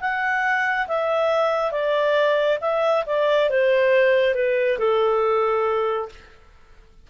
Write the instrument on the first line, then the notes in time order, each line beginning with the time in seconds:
clarinet
0.00 F#5
0.87 E5
1.71 D5
2.61 E5
3.06 D5
3.49 C5
4.34 B4
4.78 A4